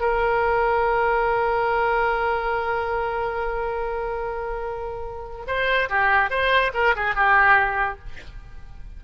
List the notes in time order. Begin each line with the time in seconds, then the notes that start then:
0.00 A#4
5.47 C5
5.89 G4
6.30 C5
6.74 A#4
6.96 G#4
7.15 G4